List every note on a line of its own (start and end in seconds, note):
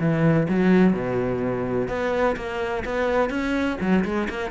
0.00 0.48 E3
0.49 0.93 F#3
0.93 1.89 B2
1.89 2.36 B3
2.36 2.84 A#3
2.85 3.30 B3
3.30 3.78 C#4
3.81 4.05 F#3
4.05 4.29 G#3
4.30 4.52 A#3